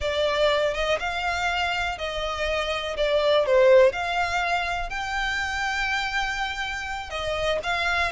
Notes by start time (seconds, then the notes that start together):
0.00 D5
0.74 D#5
0.99 F5
1.98 D#5
2.96 D5
3.46 C5
3.92 F5
4.89 G5
7.10 D#5
7.63 F5